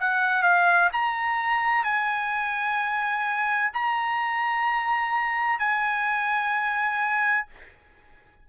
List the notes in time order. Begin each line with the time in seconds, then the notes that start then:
0.00 F#5
0.43 F5
0.93 A#5
1.84 G#5
3.74 A#5
5.59 G#5